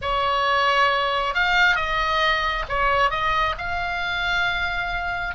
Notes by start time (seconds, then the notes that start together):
0.01 C#5
1.34 F5
1.75 D#5
2.68 C#5
3.10 D#5
3.58 F5